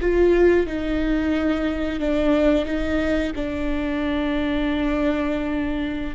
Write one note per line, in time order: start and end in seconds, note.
0.00 0.66 F4
0.66 1.99 D#4
1.99 2.65 D4
2.65 3.32 D#4
3.35 6.15 D4